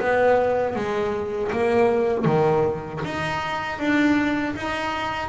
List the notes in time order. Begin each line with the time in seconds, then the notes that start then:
0.00 B3
0.76 G#3
1.52 A#3
2.25 D#3
3.05 D#4
3.79 D4
4.56 D#4